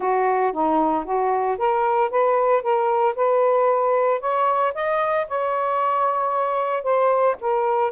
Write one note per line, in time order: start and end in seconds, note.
0.00 0.52 F#4
0.52 1.05 D#4
1.05 1.57 F#4
1.58 2.10 A#4
2.10 2.62 B4
2.62 3.15 A#4
3.15 4.20 B4
4.20 4.73 C#5
4.74 5.27 D#5
5.28 6.83 C#5
6.83 7.35 C5
7.40 7.91 A#4